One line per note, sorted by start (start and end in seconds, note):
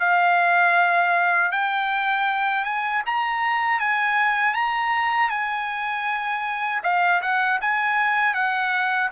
0.00 1.52 F5
1.52 2.64 G5
2.64 3.02 G#5
3.06 3.80 A#5
3.80 4.54 G#5
4.54 5.30 A#5
5.30 6.82 G#5
6.84 7.22 F5
7.22 7.60 F#5
7.62 8.34 G#5
8.34 9.10 F#5